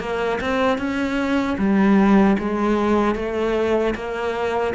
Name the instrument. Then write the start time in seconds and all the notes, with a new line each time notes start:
cello
0.00 A#3
0.41 C4
0.78 C#4
1.58 G3
2.39 G#3
3.15 A3
3.95 A#3